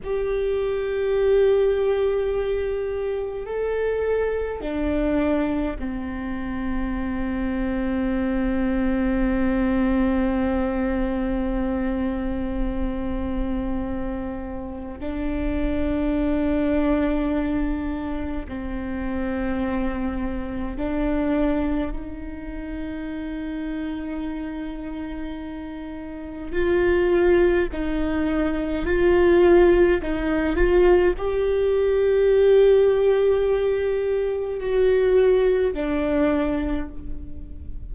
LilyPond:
\new Staff \with { instrumentName = "viola" } { \time 4/4 \tempo 4 = 52 g'2. a'4 | d'4 c'2.~ | c'1~ | c'4 d'2. |
c'2 d'4 dis'4~ | dis'2. f'4 | dis'4 f'4 dis'8 f'8 g'4~ | g'2 fis'4 d'4 | }